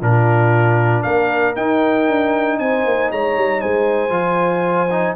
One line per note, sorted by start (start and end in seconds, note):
0.00 1.05 A#2
0.00 1.56 D4
0.00 1.03 F4
0.00 1.03 A#4
1.03 1.57 A#3
1.03 2.59 A#4
1.03 1.55 F5
1.56 4.10 D#4
1.56 2.09 D#4
1.56 2.60 G5
2.09 2.60 D4
2.60 2.86 C4
2.60 3.12 C5
2.60 3.11 G#5
2.86 3.12 A#3
3.12 3.37 G#3
3.12 3.61 C#5
3.12 3.61 A#5
3.37 3.63 G3
3.61 4.10 G#3
3.61 5.17 C5
3.61 5.16 G#5
4.10 5.14 F3
4.10 4.88 F4
4.91 5.17 D#4